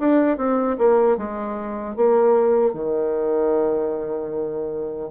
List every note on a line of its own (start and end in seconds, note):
0.00 0.38 D4
0.38 0.78 C4
0.78 1.18 A#3
1.18 1.96 G#3
1.96 2.74 A#3
2.74 5.11 D#3